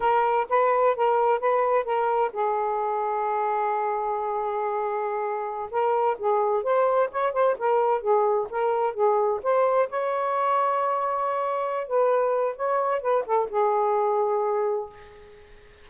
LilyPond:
\new Staff \with { instrumentName = "saxophone" } { \time 4/4 \tempo 4 = 129 ais'4 b'4 ais'4 b'4 | ais'4 gis'2.~ | gis'1~ | gis'16 ais'4 gis'4 c''4 cis''8 c''16~ |
c''16 ais'4 gis'4 ais'4 gis'8.~ | gis'16 c''4 cis''2~ cis''8.~ | cis''4. b'4. cis''4 | b'8 a'8 gis'2. | }